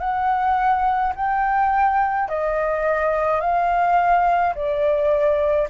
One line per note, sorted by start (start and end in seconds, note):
0.00 1.13 F#5
1.16 2.29 G5
2.29 3.41 D#5
3.41 4.54 F5
4.55 5.69 D5